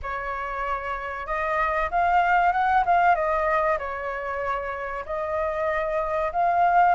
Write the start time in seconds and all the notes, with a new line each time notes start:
0.02 C#5
1.26 D#5
1.90 F5
2.52 F#5
2.85 F5
3.15 D#5
3.78 C#5
5.05 D#5
6.32 F5